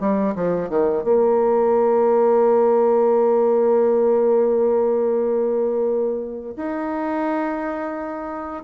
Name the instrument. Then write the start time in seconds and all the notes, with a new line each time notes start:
bassoon
0.00 G3
0.35 F3
0.69 D#3
1.04 A#3
6.57 D#4